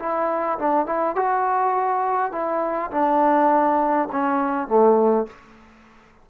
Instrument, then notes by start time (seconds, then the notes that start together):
trombone
0.00 E4
0.59 D4
0.86 E4
1.16 F#4
2.32 E4
2.91 D4
4.12 C#4
4.68 A3